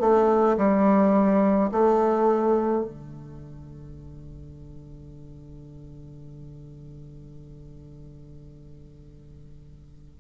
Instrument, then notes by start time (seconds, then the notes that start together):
bassoon
0.00 A3
0.58 G3
1.72 A3
2.85 D3